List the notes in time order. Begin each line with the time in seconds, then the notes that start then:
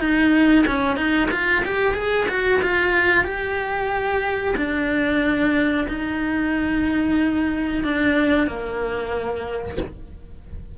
0.00 D#4
0.67 C#4
0.97 D#4
1.31 F4
1.65 G4
1.94 G#4
2.29 F#4
2.62 F4
3.24 G4
4.57 D4
5.88 D#4
7.84 D4
8.47 A#3